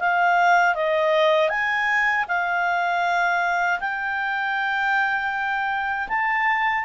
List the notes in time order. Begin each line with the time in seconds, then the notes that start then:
0.00 F5
0.75 D#5
1.49 G#5
2.28 F5
3.80 G5
6.09 A5